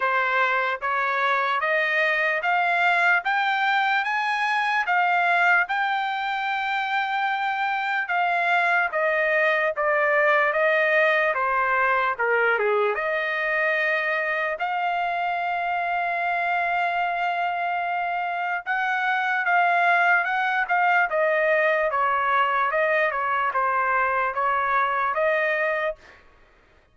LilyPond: \new Staff \with { instrumentName = "trumpet" } { \time 4/4 \tempo 4 = 74 c''4 cis''4 dis''4 f''4 | g''4 gis''4 f''4 g''4~ | g''2 f''4 dis''4 | d''4 dis''4 c''4 ais'8 gis'8 |
dis''2 f''2~ | f''2. fis''4 | f''4 fis''8 f''8 dis''4 cis''4 | dis''8 cis''8 c''4 cis''4 dis''4 | }